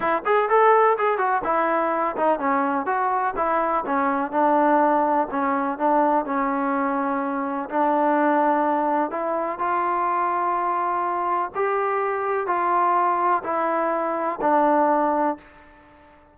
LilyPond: \new Staff \with { instrumentName = "trombone" } { \time 4/4 \tempo 4 = 125 e'8 gis'8 a'4 gis'8 fis'8 e'4~ | e'8 dis'8 cis'4 fis'4 e'4 | cis'4 d'2 cis'4 | d'4 cis'2. |
d'2. e'4 | f'1 | g'2 f'2 | e'2 d'2 | }